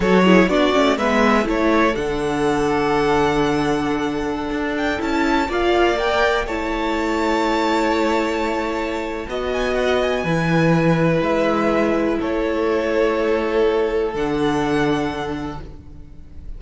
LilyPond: <<
  \new Staff \with { instrumentName = "violin" } { \time 4/4 \tempo 4 = 123 cis''4 d''4 e''4 cis''4 | fis''1~ | fis''4.~ fis''16 g''8 a''4 f''8.~ | f''16 g''4 a''2~ a''8.~ |
a''2.~ a''8 gis''8 | fis''8 gis''2~ gis''8 e''4~ | e''4 cis''2.~ | cis''4 fis''2. | }
  \new Staff \with { instrumentName = "violin" } { \time 4/4 a'8 gis'8 fis'4 b'4 a'4~ | a'1~ | a'2.~ a'16 d''8.~ | d''4~ d''16 cis''2~ cis''8.~ |
cis''2. dis''4~ | dis''4 b'2.~ | b'4 a'2.~ | a'1 | }
  \new Staff \with { instrumentName = "viola" } { \time 4/4 fis'8 e'8 d'8 cis'8 b4 e'4 | d'1~ | d'2~ d'16 e'4 f'8.~ | f'16 ais'4 e'2~ e'8.~ |
e'2. fis'4~ | fis'4 e'2.~ | e'1~ | e'4 d'2. | }
  \new Staff \with { instrumentName = "cello" } { \time 4/4 fis4 b8 a8 gis4 a4 | d1~ | d4~ d16 d'4 cis'4 ais8.~ | ais4~ ais16 a2~ a8.~ |
a2. b4~ | b4 e2 gis4~ | gis4 a2.~ | a4 d2. | }
>>